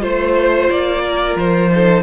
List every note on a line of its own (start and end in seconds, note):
0.00 0.70 A3
0.00 1.69 F4
0.00 1.03 C5
0.00 0.69 C5
0.69 1.36 A#3
0.69 1.37 D5
1.03 1.71 A#4
1.36 2.03 F3
1.36 2.03 C5
1.71 2.03 D#4
1.71 2.03 A4